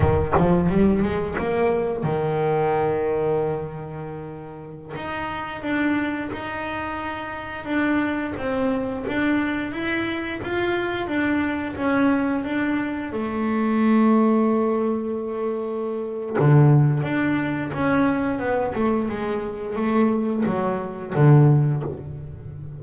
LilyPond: \new Staff \with { instrumentName = "double bass" } { \time 4/4 \tempo 4 = 88 dis8 f8 g8 gis8 ais4 dis4~ | dis2.~ dis16 dis'8.~ | dis'16 d'4 dis'2 d'8.~ | d'16 c'4 d'4 e'4 f'8.~ |
f'16 d'4 cis'4 d'4 a8.~ | a1 | d4 d'4 cis'4 b8 a8 | gis4 a4 fis4 d4 | }